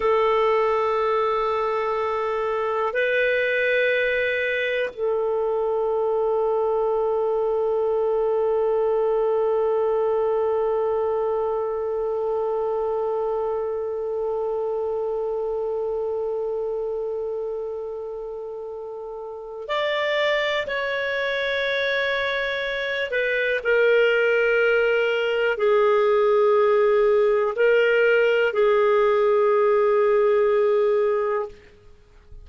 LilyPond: \new Staff \with { instrumentName = "clarinet" } { \time 4/4 \tempo 4 = 61 a'2. b'4~ | b'4 a'2.~ | a'1~ | a'1~ |
a'1 | d''4 cis''2~ cis''8 b'8 | ais'2 gis'2 | ais'4 gis'2. | }